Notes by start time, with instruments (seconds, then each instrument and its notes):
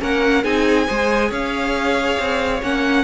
0.00 cello A#3, viola C#4, violin A#4 F#5
0.44 cello C4, viola D#4, violin G#4 G#5
0.87 cello G#3, viola G#4, violin C5
1.29 cello C#4, violin C#5 F5
2.18 cello C4
2.62 cello A#3, viola C#4, violin F#5